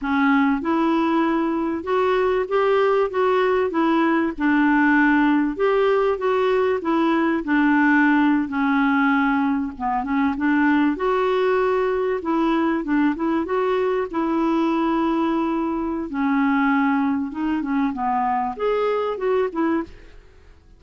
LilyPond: \new Staff \with { instrumentName = "clarinet" } { \time 4/4 \tempo 4 = 97 cis'4 e'2 fis'4 | g'4 fis'4 e'4 d'4~ | d'4 g'4 fis'4 e'4 | d'4.~ d'16 cis'2 b16~ |
b16 cis'8 d'4 fis'2 e'16~ | e'8. d'8 e'8 fis'4 e'4~ e'16~ | e'2 cis'2 | dis'8 cis'8 b4 gis'4 fis'8 e'8 | }